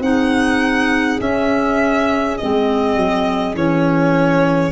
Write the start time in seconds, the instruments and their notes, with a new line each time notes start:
0.00 tuba C4, clarinet D#4, flute G#4, violin F#5
1.19 clarinet C#4, tuba C#4, violin E5
2.37 tuba G#3, clarinet C4, violin D#5
2.96 tuba F#3
3.55 tuba E3, clarinet C#4, violin C#5